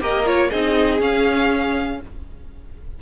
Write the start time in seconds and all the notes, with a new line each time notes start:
0.00 A#3 G4 A#4 D#5
0.26 F4 C#5
0.49 C4 D#4 G#4 D#5
0.99 C#4 F5